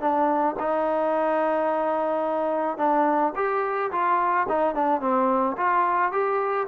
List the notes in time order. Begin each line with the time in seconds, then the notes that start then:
0.00 D4
0.59 D#4
2.77 D4
3.35 G4
3.91 F4
4.48 D#4
4.74 D4
5.01 C4
5.57 F4
6.12 G4